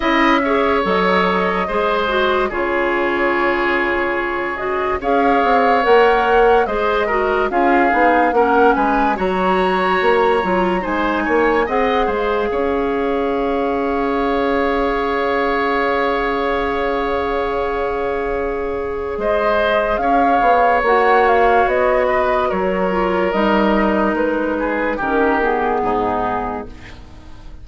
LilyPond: <<
  \new Staff \with { instrumentName = "flute" } { \time 4/4 \tempo 4 = 72 e''4 dis''2 cis''4~ | cis''4. dis''8 f''4 fis''4 | dis''4 f''4 fis''8 gis''8 ais''4~ | ais''4 gis''4 fis''8 f''4.~ |
f''1~ | f''2. dis''4 | f''4 fis''8 f''8 dis''4 cis''4 | dis''4 b'4 ais'8 gis'4. | }
  \new Staff \with { instrumentName = "oboe" } { \time 4/4 dis''8 cis''4. c''4 gis'4~ | gis'2 cis''2 | c''8 ais'8 gis'4 ais'8 b'8 cis''4~ | cis''4 c''8 cis''8 dis''8 c''8 cis''4~ |
cis''1~ | cis''2. c''4 | cis''2~ cis''8 b'8 ais'4~ | ais'4. gis'8 g'4 dis'4 | }
  \new Staff \with { instrumentName = "clarinet" } { \time 4/4 e'8 gis'8 a'4 gis'8 fis'8 f'4~ | f'4. fis'8 gis'4 ais'4 | gis'8 fis'8 f'8 dis'8 cis'4 fis'4~ | fis'8 f'8 dis'4 gis'2~ |
gis'1~ | gis'1~ | gis'4 fis'2~ fis'8 f'8 | dis'2 cis'8 b4. | }
  \new Staff \with { instrumentName = "bassoon" } { \time 4/4 cis'4 fis4 gis4 cis4~ | cis2 cis'8 c'8 ais4 | gis4 cis'8 b8 ais8 gis8 fis4 | ais8 fis8 gis8 ais8 c'8 gis8 cis'4~ |
cis'1~ | cis'2. gis4 | cis'8 b8 ais4 b4 fis4 | g4 gis4 dis4 gis,4 | }
>>